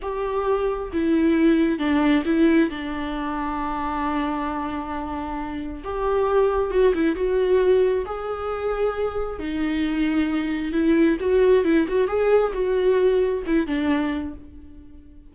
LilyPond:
\new Staff \with { instrumentName = "viola" } { \time 4/4 \tempo 4 = 134 g'2 e'2 | d'4 e'4 d'2~ | d'1~ | d'4 g'2 fis'8 e'8 |
fis'2 gis'2~ | gis'4 dis'2. | e'4 fis'4 e'8 fis'8 gis'4 | fis'2 e'8 d'4. | }